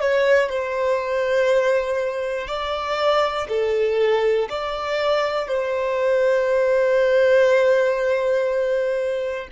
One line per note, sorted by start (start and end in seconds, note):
0.00 0.49 C#5
0.49 2.47 C5
2.47 3.47 D5
3.49 4.49 A4
4.49 5.48 D5
5.48 9.48 C5